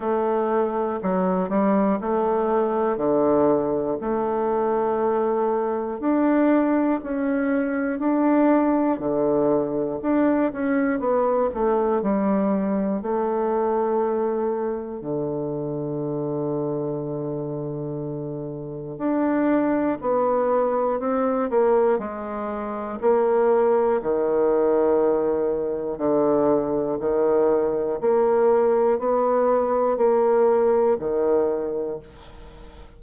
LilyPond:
\new Staff \with { instrumentName = "bassoon" } { \time 4/4 \tempo 4 = 60 a4 fis8 g8 a4 d4 | a2 d'4 cis'4 | d'4 d4 d'8 cis'8 b8 a8 | g4 a2 d4~ |
d2. d'4 | b4 c'8 ais8 gis4 ais4 | dis2 d4 dis4 | ais4 b4 ais4 dis4 | }